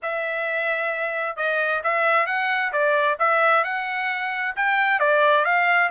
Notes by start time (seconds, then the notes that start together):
0.02 E5
1.36 D#5
1.83 E5
2.26 F#5
2.72 D5
3.19 E5
3.64 F#5
4.56 G5
4.99 D5
5.44 F5